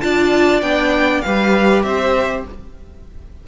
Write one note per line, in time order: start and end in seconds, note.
0.00 0.61 D4
0.00 0.62 F4
0.00 1.24 D5
0.00 0.61 A5
0.61 1.22 B3
0.61 1.23 D4
0.61 1.21 G5
1.21 1.83 G3
1.21 2.47 G4
1.21 1.85 B4
1.21 1.82 F5
1.83 2.44 C4
1.83 2.46 C5
1.83 2.43 E5